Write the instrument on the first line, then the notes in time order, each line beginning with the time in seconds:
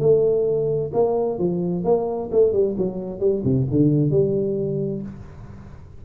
tuba
0.00 A3
0.94 A#3
1.39 F3
1.85 A#3
2.32 A3
2.53 G3
2.78 F#3
3.20 G3
3.45 C3
3.71 D3
4.11 G3